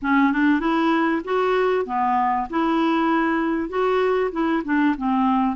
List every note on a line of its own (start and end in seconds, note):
0.02 0.32 C#4
0.32 0.60 D4
0.60 1.22 E4
1.24 1.85 F#4
1.85 2.47 B3
2.50 3.69 E4
3.69 4.30 F#4
4.31 4.62 E4
4.64 4.95 D4
4.97 5.56 C4